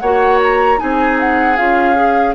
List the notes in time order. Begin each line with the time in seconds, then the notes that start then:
0.00 A#3 F#4 C#5 F#5
0.43 A#5
0.78 C4 D#4 G#4 G#5
1.20 F#5
1.57 C#4 F4 F5
1.95 G#4